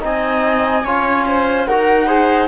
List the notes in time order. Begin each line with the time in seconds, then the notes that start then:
0.00 C4 D#4 D#5 G#5
0.85 C#4 F4 C#5
1.27 C5
1.66 D#4 F#4 A#4 F#5
2.07 G#4 C5